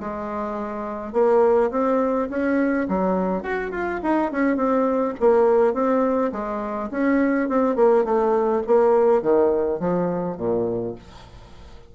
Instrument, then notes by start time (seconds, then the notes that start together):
bassoon
0.00 G#3
1.13 A#3
1.71 C4
2.29 C#4
2.88 F#3
3.43 F#4
3.71 F4
4.03 D#4
4.31 C#4
4.57 C4
5.20 A#3
5.74 C4
6.32 G#3
6.91 C#4
7.49 C4
7.76 A#3
8.05 A3
8.67 A#3
9.22 D#3
9.79 F3
10.37 A#2